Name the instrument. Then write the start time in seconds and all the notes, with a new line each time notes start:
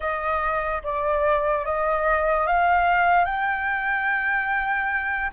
flute
0.00 D#5
0.83 D5
1.65 D#5
2.47 F5
3.25 G5